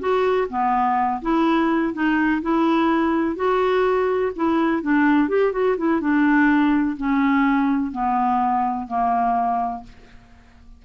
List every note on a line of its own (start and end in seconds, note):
0.00 0.48 F#4
0.50 1.22 B3
1.22 1.94 E4
1.94 2.42 D#4
2.42 3.36 E4
3.36 4.32 F#4
4.36 4.83 E4
4.83 5.29 D4
5.29 5.53 G4
5.53 5.77 F#4
5.78 6.01 E4
6.01 6.97 D4
6.98 7.92 C#4
7.92 8.88 B3
8.88 9.84 A#3